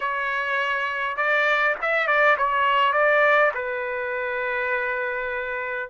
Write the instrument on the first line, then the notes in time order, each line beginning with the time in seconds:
trumpet
0.00 C#5
1.17 D5
1.81 E5
2.07 D5
2.37 C#5
2.93 D5
3.54 B4